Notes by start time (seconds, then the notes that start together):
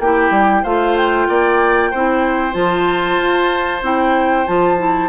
0.00 A#3 E4 G4 G5
0.31 G3
0.63 A3 F4 C5 F5
0.97 G5
1.29 A#3 D5
1.91 C4 E4 C5
2.53 F3 F4 A5
3.18 F4
3.83 C4 E4 G5
4.47 F3 F4 A5
4.78 E4